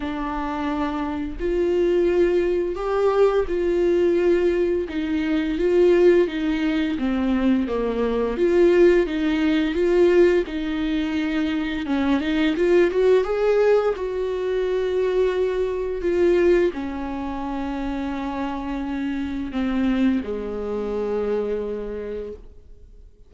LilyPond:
\new Staff \with { instrumentName = "viola" } { \time 4/4 \tempo 4 = 86 d'2 f'2 | g'4 f'2 dis'4 | f'4 dis'4 c'4 ais4 | f'4 dis'4 f'4 dis'4~ |
dis'4 cis'8 dis'8 f'8 fis'8 gis'4 | fis'2. f'4 | cis'1 | c'4 gis2. | }